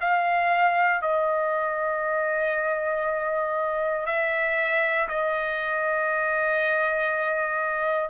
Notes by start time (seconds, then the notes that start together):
0.00 F5
1.01 D#5
4.06 E5
5.08 D#5